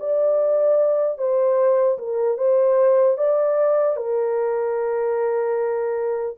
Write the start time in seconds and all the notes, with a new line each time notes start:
0.00 D5
1.18 C5
1.99 A#4
2.38 C5
3.18 D5
3.96 A#4